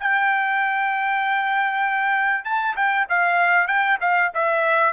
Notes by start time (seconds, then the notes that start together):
0.00 G5
2.45 A5
2.76 G5
3.10 F5
3.68 G5
4.01 F5
4.34 E5